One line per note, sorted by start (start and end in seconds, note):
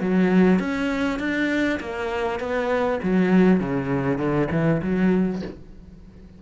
0.00 0.59 F#3
0.59 1.19 C#4
1.19 1.79 D4
1.80 2.39 A#3
2.39 2.99 B3
3.02 3.59 F#3
3.59 4.18 C#3
4.18 4.48 D3
4.51 4.81 E3
4.82 5.41 F#3